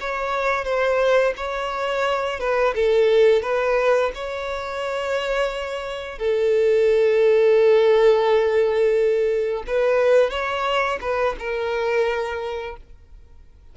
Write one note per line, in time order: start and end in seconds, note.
0.00 0.65 C#5
0.65 1.34 C5
1.36 2.40 C#5
2.40 2.74 B4
2.75 3.42 A4
3.42 4.11 B4
4.15 6.19 C#5
6.19 9.64 A4
9.67 10.30 B4
10.30 10.99 C#5
11.01 11.36 B4
11.39 12.77 A#4